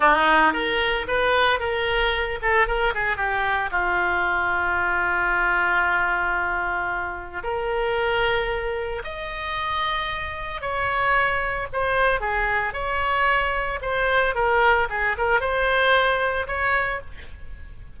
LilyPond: \new Staff \with { instrumentName = "oboe" } { \time 4/4 \tempo 4 = 113 dis'4 ais'4 b'4 ais'4~ | ais'8 a'8 ais'8 gis'8 g'4 f'4~ | f'1~ | f'2 ais'2~ |
ais'4 dis''2. | cis''2 c''4 gis'4 | cis''2 c''4 ais'4 | gis'8 ais'8 c''2 cis''4 | }